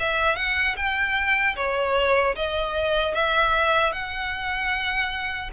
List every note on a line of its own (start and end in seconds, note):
0.00 0.37 E5
0.37 0.76 F#5
0.77 1.56 G5
1.57 2.36 C#5
2.36 3.15 D#5
3.15 3.93 E5
3.93 5.51 F#5